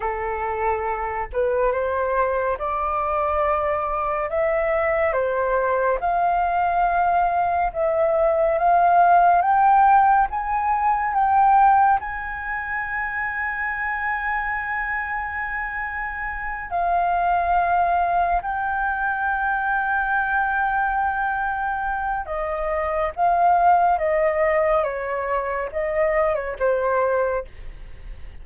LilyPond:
\new Staff \with { instrumentName = "flute" } { \time 4/4 \tempo 4 = 70 a'4. b'8 c''4 d''4~ | d''4 e''4 c''4 f''4~ | f''4 e''4 f''4 g''4 | gis''4 g''4 gis''2~ |
gis''2.~ gis''8 f''8~ | f''4. g''2~ g''8~ | g''2 dis''4 f''4 | dis''4 cis''4 dis''8. cis''16 c''4 | }